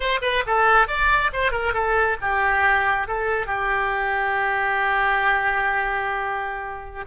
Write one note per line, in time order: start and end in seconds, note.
0.00 0.19 C5
0.21 0.43 B4
0.46 0.87 A4
0.87 1.30 D5
1.32 1.51 C5
1.51 1.73 A#4
1.73 2.17 A4
2.21 3.07 G4
3.07 3.46 A4
3.46 7.05 G4